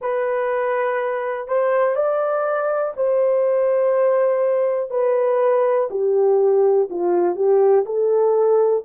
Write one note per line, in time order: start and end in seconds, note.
0.01 1.48 B4
1.48 1.95 C5
1.95 2.93 D5
2.96 4.90 C5
4.90 5.88 B4
5.90 6.89 G4
6.89 7.35 F4
7.35 7.84 G4
7.85 8.83 A4